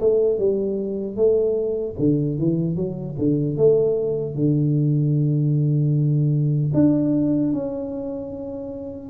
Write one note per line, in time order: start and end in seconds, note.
0.00 0.39 A3
0.39 1.16 G3
1.16 1.95 A3
1.99 2.38 D3
2.38 2.76 E3
2.76 3.15 F#3
3.18 3.57 D3
3.57 4.35 A3
4.35 6.72 D3
6.74 7.53 D4
7.53 9.10 C#4